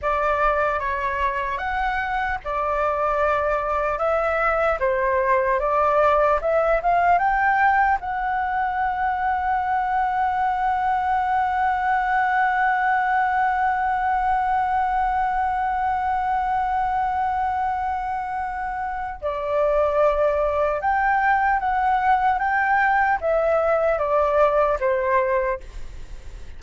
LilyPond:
\new Staff \with { instrumentName = "flute" } { \time 4/4 \tempo 4 = 75 d''4 cis''4 fis''4 d''4~ | d''4 e''4 c''4 d''4 | e''8 f''8 g''4 fis''2~ | fis''1~ |
fis''1~ | fis''1 | d''2 g''4 fis''4 | g''4 e''4 d''4 c''4 | }